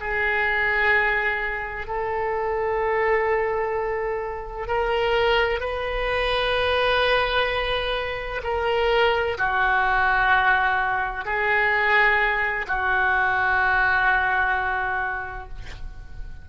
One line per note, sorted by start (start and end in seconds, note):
0.00 1.87 G#4
1.87 4.67 A4
4.67 5.60 A#4
5.60 8.41 B4
8.43 9.37 A#4
9.38 11.25 F#4
11.25 12.66 G#4
12.67 15.49 F#4